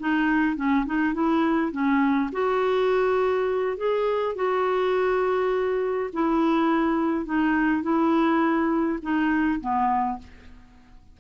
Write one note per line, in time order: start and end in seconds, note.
0.00 0.57 D#4
0.57 0.86 C#4
0.86 1.14 D#4
1.14 1.72 E4
1.72 2.30 C#4
2.33 3.77 F#4
3.77 4.36 G#4
4.36 6.10 F#4
6.13 7.26 E4
7.26 7.83 D#4
7.83 8.99 E4
9.02 9.61 D#4
9.61 10.19 B3